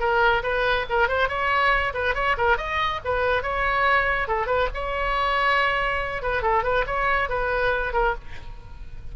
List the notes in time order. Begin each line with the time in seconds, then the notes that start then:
0.00 A#4
0.43 B4
0.89 A#4
1.08 C5
1.29 C#5
1.94 B4
2.15 C#5
2.37 A#4
2.57 D#5
3.04 B4
3.43 C#5
4.28 A4
4.47 B4
4.74 C#5
6.22 B4
6.42 A4
6.64 B4
6.86 C#5
7.29 B4
7.93 A#4